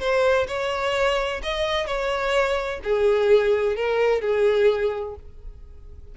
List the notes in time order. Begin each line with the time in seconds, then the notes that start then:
0.00 C5
0.48 C#5
1.43 D#5
1.86 C#5
2.83 G#4
3.76 A#4
4.21 G#4